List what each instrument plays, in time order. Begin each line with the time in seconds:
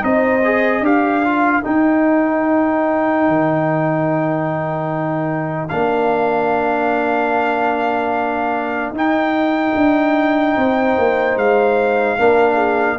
0.00 tuba C4, trombone D#4, horn C5, trumpet D#5
0.44 trombone G#4
0.81 tuba D4, trombone G4, horn A#4, trumpet F5
1.24 trombone F4
1.63 trombone D#4, tuba D#4, trumpet G5
3.28 tuba D#3
5.69 tuba A#3, trombone D4, trumpet F5
8.91 tuba D#4, trombone D#4, trumpet G5
9.75 tuba D4
10.56 tuba C4, horn C5
10.98 tuba A#3
11.36 tuba G#3, trumpet F5
12.18 tuba A#3, trombone D4, horn A#4
12.54 horn G#4